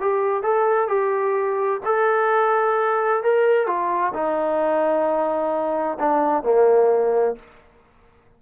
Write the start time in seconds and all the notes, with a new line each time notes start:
0.00 G4
0.43 A4
0.88 G4
1.85 A4
3.23 A#4
3.67 F4
4.13 D#4
5.99 D4
6.43 A#3